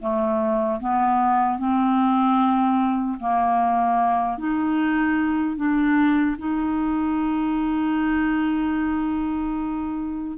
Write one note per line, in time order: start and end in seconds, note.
0.00 0.80 A3
0.80 1.59 B3
1.59 3.19 C4
3.20 4.38 A#3
4.38 5.56 D#4
5.56 6.36 D4
6.39 10.38 D#4